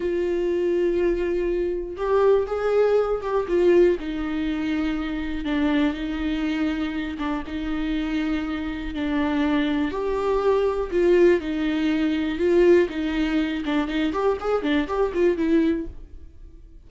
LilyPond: \new Staff \with { instrumentName = "viola" } { \time 4/4 \tempo 4 = 121 f'1 | g'4 gis'4. g'8 f'4 | dis'2. d'4 | dis'2~ dis'8 d'8 dis'4~ |
dis'2 d'2 | g'2 f'4 dis'4~ | dis'4 f'4 dis'4. d'8 | dis'8 g'8 gis'8 d'8 g'8 f'8 e'4 | }